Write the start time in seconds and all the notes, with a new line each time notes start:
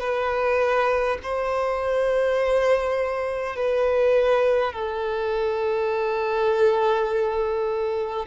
0.00 B4
1.23 C5
3.56 B4
4.73 A4